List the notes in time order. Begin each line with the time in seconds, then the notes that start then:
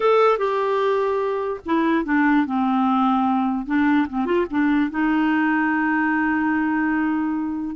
0.00 A4
0.38 G4
1.65 E4
2.05 D4
2.46 C4
3.66 D4
4.08 C4
4.25 F4
4.50 D4
4.90 D#4